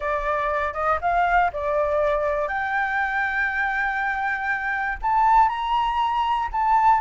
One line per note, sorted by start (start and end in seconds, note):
0.00 0.73 D5
0.73 0.98 D#5
1.01 1.51 F5
1.52 2.48 D5
2.48 4.97 G5
5.02 5.48 A5
5.48 6.48 A#5
6.52 7.00 A5